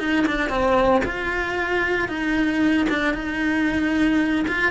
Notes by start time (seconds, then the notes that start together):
0.00 D#4
0.27 D4
0.50 C4
1.05 F4
2.08 D#4
2.90 D4
3.14 D#4
4.48 F4